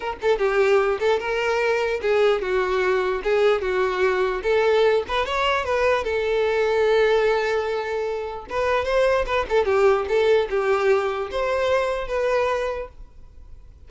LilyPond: \new Staff \with { instrumentName = "violin" } { \time 4/4 \tempo 4 = 149 ais'8 a'8 g'4. a'8 ais'4~ | ais'4 gis'4 fis'2 | gis'4 fis'2 a'4~ | a'8 b'8 cis''4 b'4 a'4~ |
a'1~ | a'4 b'4 c''4 b'8 a'8 | g'4 a'4 g'2 | c''2 b'2 | }